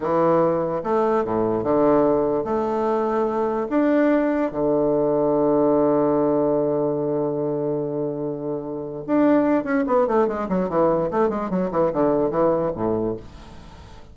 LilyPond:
\new Staff \with { instrumentName = "bassoon" } { \time 4/4 \tempo 4 = 146 e2 a4 a,4 | d2 a2~ | a4 d'2 d4~ | d1~ |
d1~ | d2 d'4. cis'8 | b8 a8 gis8 fis8 e4 a8 gis8 | fis8 e8 d4 e4 a,4 | }